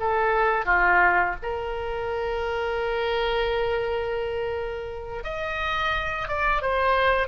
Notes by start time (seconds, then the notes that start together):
0.00 A4
0.66 F4
1.42 A#4
5.24 D#5
6.28 D5
6.62 C5